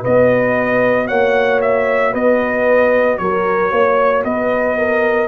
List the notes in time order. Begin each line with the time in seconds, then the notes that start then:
0.00 F#4 B4 D#5
0.06 B3
1.07 A#3 C#5 F#5
1.61 E5
2.12 B3 B4 D#5
3.17 F#3 A#4 C#5
3.71 A#3 C#5
4.24 B3 B4 D#5
4.77 A#4